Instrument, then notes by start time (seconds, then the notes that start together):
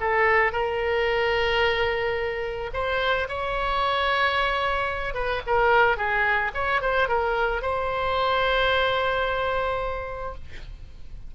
oboe
0.00 A4
0.52 A#4
2.73 C5
3.28 C#5
5.14 B4
5.46 A#4
5.97 G#4
6.54 C#5
6.81 C5
7.08 A#4
7.62 C5